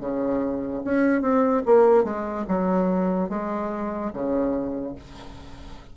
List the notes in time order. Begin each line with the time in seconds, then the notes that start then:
0.00 C#3
0.84 C#4
1.21 C4
1.66 A#3
2.04 G#3
2.48 F#3
3.30 G#3
4.13 C#3